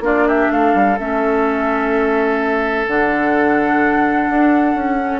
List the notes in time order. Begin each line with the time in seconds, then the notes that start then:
0.00 A#3 D4 F4 D5
0.27 G4 E5
0.50 A3 A4 F5
0.74 G3
0.99 A3 C#4 E5
2.87 D3 D4 F#5
4.29 D4
4.75 C#4
4.99 C#4